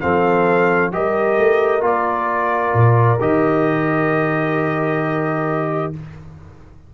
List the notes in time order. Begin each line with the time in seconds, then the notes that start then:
0.00 F3 C4 A4 F5
0.91 G3 G4 A#4 D#5
1.37 A3
1.81 A#3 F4 D5
2.73 A#2
3.20 D#3 G4 D#5